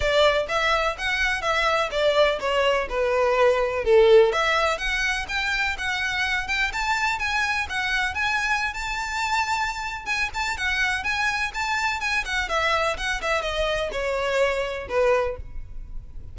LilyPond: \new Staff \with { instrumentName = "violin" } { \time 4/4 \tempo 4 = 125 d''4 e''4 fis''4 e''4 | d''4 cis''4 b'2 | a'4 e''4 fis''4 g''4 | fis''4. g''8 a''4 gis''4 |
fis''4 gis''4~ gis''16 a''4.~ a''16~ | a''4 gis''8 a''8 fis''4 gis''4 | a''4 gis''8 fis''8 e''4 fis''8 e''8 | dis''4 cis''2 b'4 | }